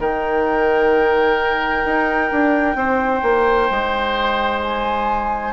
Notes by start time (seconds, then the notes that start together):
0.00 D#3 D#4 A#4 G5
1.85 D#4
2.32 D4
2.76 C4 C5
3.23 A#3
3.71 G#3
4.63 G#5